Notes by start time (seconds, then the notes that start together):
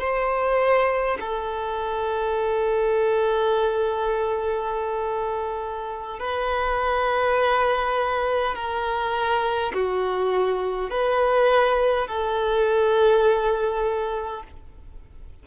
0.00 C5
1.20 A4
6.19 B4
8.55 A#4
9.73 F#4
10.90 B4
12.07 A4